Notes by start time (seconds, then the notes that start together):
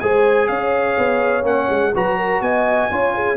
0.00 G#3 G#4 C5 G#5
0.48 C#4 C#5 F5
0.98 B3
1.43 A#3 C#4 F#5
1.70 G#3
1.94 F#3 F#4 B4 A#5
2.17 A#4
2.41 B3 D#5 G#5
2.91 C#4 F4 C#5
3.15 G#4